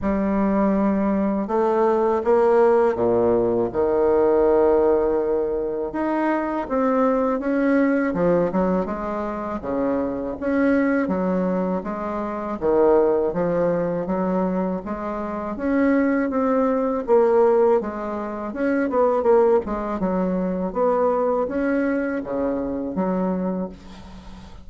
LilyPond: \new Staff \with { instrumentName = "bassoon" } { \time 4/4 \tempo 4 = 81 g2 a4 ais4 | ais,4 dis2. | dis'4 c'4 cis'4 f8 fis8 | gis4 cis4 cis'4 fis4 |
gis4 dis4 f4 fis4 | gis4 cis'4 c'4 ais4 | gis4 cis'8 b8 ais8 gis8 fis4 | b4 cis'4 cis4 fis4 | }